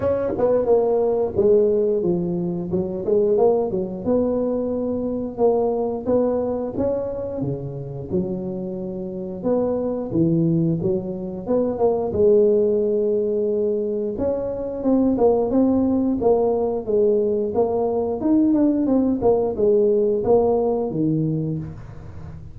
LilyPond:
\new Staff \with { instrumentName = "tuba" } { \time 4/4 \tempo 4 = 89 cis'8 b8 ais4 gis4 f4 | fis8 gis8 ais8 fis8 b2 | ais4 b4 cis'4 cis4 | fis2 b4 e4 |
fis4 b8 ais8 gis2~ | gis4 cis'4 c'8 ais8 c'4 | ais4 gis4 ais4 dis'8 d'8 | c'8 ais8 gis4 ais4 dis4 | }